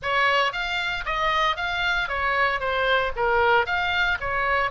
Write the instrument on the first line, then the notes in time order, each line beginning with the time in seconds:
oboe
0.02 C#5
0.52 F5
1.05 D#5
1.56 F5
2.08 C#5
2.59 C5
3.16 A#4
3.65 F5
4.20 C#5